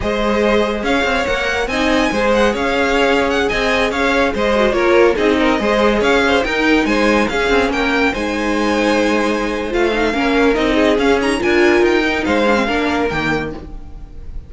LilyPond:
<<
  \new Staff \with { instrumentName = "violin" } { \time 4/4 \tempo 4 = 142 dis''2 f''4 fis''4 | gis''4. fis''8 f''4.~ f''16 fis''16~ | fis''16 gis''4 f''4 dis''4 cis''8.~ | cis''16 dis''2 f''4 g''8.~ |
g''16 gis''4 f''4 g''4 gis''8.~ | gis''2. f''4~ | f''4 dis''4 f''8 ais''8 gis''4 | g''4 f''2 g''4 | }
  \new Staff \with { instrumentName = "violin" } { \time 4/4 c''2 cis''2 | dis''4 c''4 cis''2~ | cis''16 dis''4 cis''4 c''4 ais'8.~ | ais'16 gis'8 ais'8 c''4 cis''8 c''8 ais'8.~ |
ais'16 c''4 gis'4 ais'4 c''8.~ | c''1 | ais'4. gis'4. ais'4~ | ais'4 c''4 ais'2 | }
  \new Staff \with { instrumentName = "viola" } { \time 4/4 gis'2. ais'4 | dis'4 gis'2.~ | gis'2~ gis'8. fis'8 f'8.~ | f'16 dis'4 gis'2 dis'8.~ |
dis'4~ dis'16 cis'2 dis'8.~ | dis'2. f'8 dis'8 | cis'4 dis'4 cis'8 dis'8 f'4~ | f'8 dis'4 d'16 c'16 d'4 ais4 | }
  \new Staff \with { instrumentName = "cello" } { \time 4/4 gis2 cis'8 c'8 ais4 | c'4 gis4 cis'2~ | cis'16 c'4 cis'4 gis4 ais8.~ | ais16 c'4 gis4 cis'4 dis'8.~ |
dis'16 gis4 cis'8 c'8 ais4 gis8.~ | gis2. a4 | ais4 c'4 cis'4 d'4 | dis'4 gis4 ais4 dis4 | }
>>